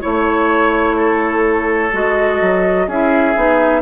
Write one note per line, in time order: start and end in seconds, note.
0.00 1.92 A3
0.00 1.90 E4
0.00 0.96 C#5
0.00 1.93 C#5
0.96 2.87 A4
1.92 2.40 G#3
1.92 2.87 F#4
1.92 2.88 D#5
2.41 2.87 F#3
2.87 3.35 C#4
2.87 3.35 E4
2.87 3.81 G#4
2.87 3.81 E5
3.35 3.81 B3
3.35 3.81 D#4